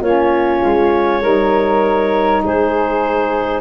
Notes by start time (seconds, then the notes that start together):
0.00 A#3 C#4 F4 C#5
0.64 G#3
1.22 G3 D#4 A#4
2.44 G#3 G#4 C5